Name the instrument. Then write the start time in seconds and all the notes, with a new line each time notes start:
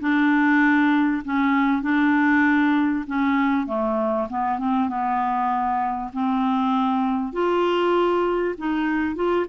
clarinet
0.00 D4
1.24 C#4
1.82 D4
3.07 C#4
3.67 A3
4.29 B3
4.59 C4
4.88 B3
6.13 C4
7.32 F4
8.58 D#4
9.15 F4